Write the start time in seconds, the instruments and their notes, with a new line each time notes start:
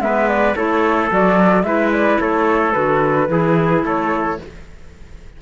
0.00 cello G#3, clarinet B3, trumpet B4, flute E5
0.28 flute D5
0.55 cello A3, clarinet E4, trumpet A4, flute C#5
1.10 cello F#3, clarinet F#4, flute D5
1.63 cello G#3, clarinet E4, trumpet B4, flute E5
1.92 flute D5
2.20 cello A3, trumpet A4, flute C#5
2.72 cello D3, clarinet F#4, flute B4
3.29 cello E3, clarinet E4, trumpet G#4
3.83 cello A3, trumpet A4, flute C#5